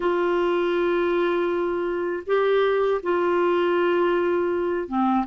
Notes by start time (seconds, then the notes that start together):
0.00 F4
2.26 G4
3.02 F4
4.88 C4